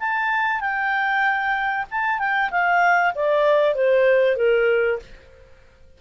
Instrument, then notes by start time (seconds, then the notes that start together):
clarinet
0.00 A5
0.61 G5
1.91 A5
2.19 G5
2.51 F5
3.15 D5
3.75 C5
4.37 A#4